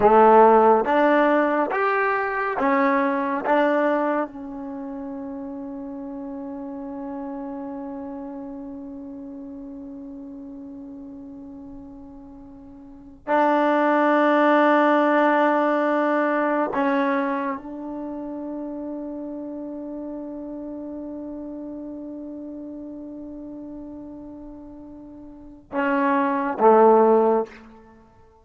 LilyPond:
\new Staff \with { instrumentName = "trombone" } { \time 4/4 \tempo 4 = 70 a4 d'4 g'4 cis'4 | d'4 cis'2.~ | cis'1~ | cis'2.~ cis'8 d'8~ |
d'2.~ d'8 cis'8~ | cis'8 d'2.~ d'8~ | d'1~ | d'2 cis'4 a4 | }